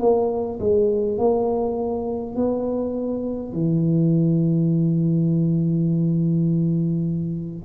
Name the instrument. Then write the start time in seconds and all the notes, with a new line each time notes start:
tuba
0.00 A#3
0.60 G#3
1.18 A#3
2.36 B3
3.53 E3